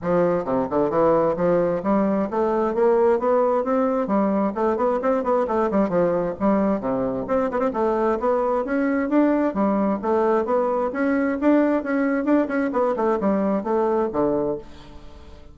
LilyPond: \new Staff \with { instrumentName = "bassoon" } { \time 4/4 \tempo 4 = 132 f4 c8 d8 e4 f4 | g4 a4 ais4 b4 | c'4 g4 a8 b8 c'8 b8 | a8 g8 f4 g4 c4 |
c'8 b16 c'16 a4 b4 cis'4 | d'4 g4 a4 b4 | cis'4 d'4 cis'4 d'8 cis'8 | b8 a8 g4 a4 d4 | }